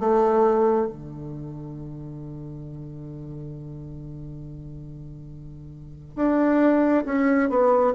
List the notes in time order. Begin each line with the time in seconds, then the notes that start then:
0.00 A3
0.87 D3
6.16 D4
7.05 C#4
7.50 B3